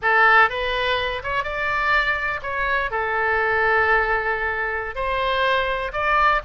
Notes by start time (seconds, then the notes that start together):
0.02 A4
0.49 B4
1.23 C#5
1.43 D5
2.42 C#5
2.90 A4
4.95 C5
5.92 D5